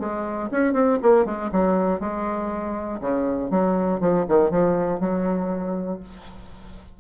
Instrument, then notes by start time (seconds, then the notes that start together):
bassoon
0.00 G#3
0.52 C#4
0.73 C4
1.03 A#3
1.26 G#3
1.52 F#3
2.00 G#3
3.01 C#3
3.51 F#3
4.01 F3
4.28 D#3
4.51 F3
5.00 F#3